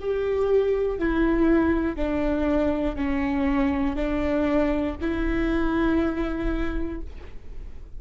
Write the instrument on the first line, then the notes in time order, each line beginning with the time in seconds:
viola
0.00 G4
0.98 E4
1.96 D4
2.96 C#4
3.95 D4
5.01 E4